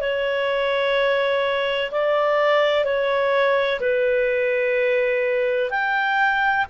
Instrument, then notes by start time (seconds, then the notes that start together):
clarinet
0.00 C#5
1.91 D5
2.84 C#5
3.80 B4
5.70 G5